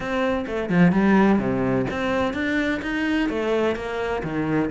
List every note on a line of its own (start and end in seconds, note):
0.00 0.45 C4
0.46 0.69 A3
0.69 0.92 F3
0.92 1.38 G3
1.38 1.85 C3
1.90 2.33 C4
2.33 2.80 D4
2.82 3.29 D#4
3.29 3.75 A3
3.75 4.22 A#3
4.23 4.70 D#3